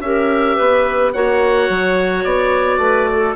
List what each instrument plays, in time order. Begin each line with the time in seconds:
0.00 bassoon C#4, clarinet G4 A#4, oboe E5
0.56 bassoon B3, clarinet B4
1.13 bassoon A#3, clarinet F#4 C#5, oboe F#5
1.69 bassoon F#3
2.24 bassoon B3, oboe D5
2.78 bassoon A3, clarinet B4
3.12 clarinet A4